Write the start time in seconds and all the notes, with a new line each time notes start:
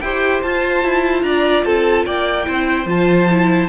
0.00 E4 G4 C5 G5
0.42 F4 A5
0.83 E4
1.22 D4 D5 A#5
1.64 C4 A4 A5
2.05 A#3 D5 G5
2.44 C4 E4 C5
2.85 F3 F4 A5
3.30 E4